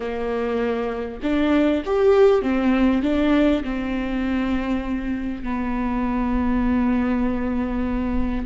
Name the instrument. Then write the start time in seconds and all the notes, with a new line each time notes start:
viola
0.00 A#3
1.22 D4
1.85 G4
2.42 C4
3.02 D4
3.64 C4
5.43 B3